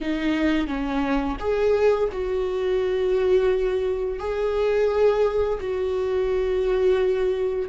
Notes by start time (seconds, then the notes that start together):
0.00 D#4
0.67 C#4
1.39 G#4
2.12 F#4
4.19 G#4
5.60 F#4